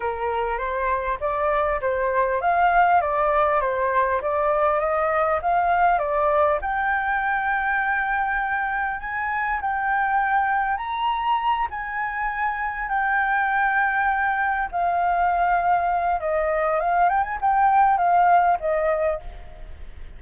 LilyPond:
\new Staff \with { instrumentName = "flute" } { \time 4/4 \tempo 4 = 100 ais'4 c''4 d''4 c''4 | f''4 d''4 c''4 d''4 | dis''4 f''4 d''4 g''4~ | g''2. gis''4 |
g''2 ais''4. gis''8~ | gis''4. g''2~ g''8~ | g''8 f''2~ f''8 dis''4 | f''8 g''16 gis''16 g''4 f''4 dis''4 | }